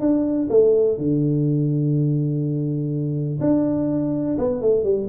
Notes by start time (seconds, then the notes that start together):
0.00 D4
0.50 A3
0.97 D3
3.40 D4
4.38 B3
4.61 A3
4.83 G3